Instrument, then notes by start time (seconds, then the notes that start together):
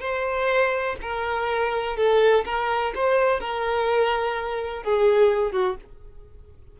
violin
0.00 C5
1.01 A#4
1.96 A4
2.45 A#4
2.95 C5
3.40 A#4
4.83 G#4
5.52 F#4